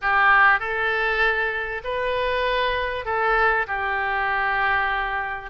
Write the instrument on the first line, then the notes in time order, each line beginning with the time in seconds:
oboe
0.01 G4
0.59 A4
1.83 B4
3.05 A4
3.67 G4